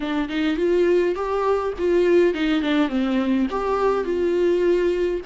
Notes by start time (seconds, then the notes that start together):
0.00 D4
0.28 D#4
0.56 F4
1.15 G4
1.78 F4
2.34 D#4
2.61 D4
2.88 C4
3.50 G4
4.04 F4